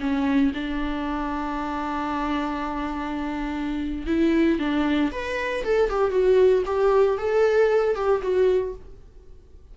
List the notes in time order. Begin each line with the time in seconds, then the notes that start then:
0.00 C#4
0.54 D4
4.07 E4
4.59 D4
5.12 B4
5.64 A4
5.90 G4
6.11 F#4
6.65 G4
7.18 A4
7.95 G4
8.22 F#4